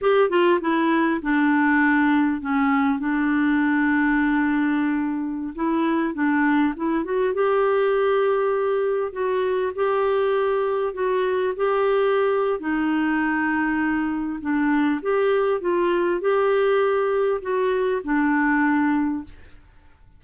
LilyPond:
\new Staff \with { instrumentName = "clarinet" } { \time 4/4 \tempo 4 = 100 g'8 f'8 e'4 d'2 | cis'4 d'2.~ | d'4~ d'16 e'4 d'4 e'8 fis'16~ | fis'16 g'2. fis'8.~ |
fis'16 g'2 fis'4 g'8.~ | g'4 dis'2. | d'4 g'4 f'4 g'4~ | g'4 fis'4 d'2 | }